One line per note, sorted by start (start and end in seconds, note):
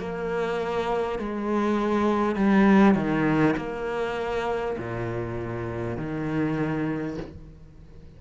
0.00 1.19 A#3
1.19 2.36 G#3
2.36 2.96 G3
2.96 3.56 D#3
3.57 4.77 A#3
4.79 5.98 A#2
5.98 7.18 D#3